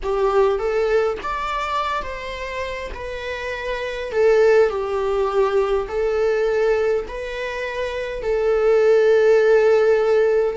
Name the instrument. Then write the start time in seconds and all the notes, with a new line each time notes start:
viola
0.02 G4
0.58 A4
1.22 D5
2.02 C5
2.94 B4
4.11 A4
4.69 G4
5.88 A4
7.07 B4
8.22 A4